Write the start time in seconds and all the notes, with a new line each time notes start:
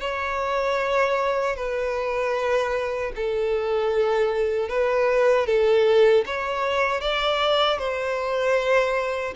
0.00 C#5
1.56 B4
3.16 A4
4.69 B4
5.46 A4
6.26 C#5
7.01 D5
7.78 C5